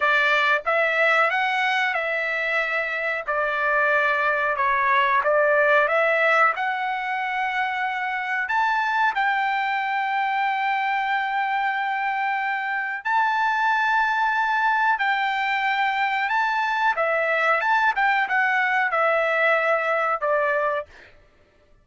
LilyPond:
\new Staff \with { instrumentName = "trumpet" } { \time 4/4 \tempo 4 = 92 d''4 e''4 fis''4 e''4~ | e''4 d''2 cis''4 | d''4 e''4 fis''2~ | fis''4 a''4 g''2~ |
g''1 | a''2. g''4~ | g''4 a''4 e''4 a''8 g''8 | fis''4 e''2 d''4 | }